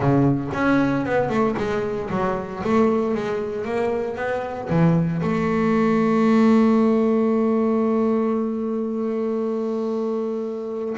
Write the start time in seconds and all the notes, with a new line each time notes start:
0.00 C#3
0.53 C#4
1.05 B3
1.29 A3
1.57 G#3
2.10 F#3
2.63 A3
3.14 G#3
3.64 A#3
4.16 B3
4.69 E3
5.22 A3